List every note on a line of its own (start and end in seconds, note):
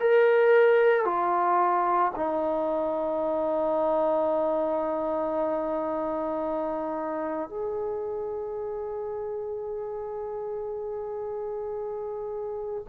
0.00 1.05 A#4
1.05 2.12 F4
2.16 7.50 D#4
7.50 12.85 G#4